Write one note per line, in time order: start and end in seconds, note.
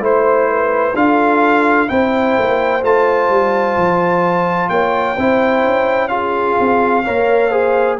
0.00 0.94 A3
0.00 0.94 E4
0.00 0.49 C5
0.00 0.96 C5
0.49 0.96 B4
0.95 1.89 D4
0.95 1.88 F4
0.95 1.90 A4
0.95 1.89 F5
1.88 2.37 C4
1.88 2.81 E4
1.88 4.71 C5
1.88 2.82 G5
2.38 2.83 A#3
2.82 3.30 A3
2.82 5.16 F4
2.82 4.69 A5
3.30 3.77 G3
3.77 4.69 F3
4.69 5.16 A#3
4.69 5.15 C#5
4.69 6.08 G5
5.15 5.64 C4
5.15 6.09 E4
5.15 6.09 C5
5.64 6.58 C#4
6.08 7.03 F4
6.08 7.04 G#4
6.08 7.96 F5
6.60 7.06 C4
7.04 8.00 A#3
7.04 7.51 A#4
7.04 7.49 C#5
7.49 7.98 G#4
7.49 7.96 C5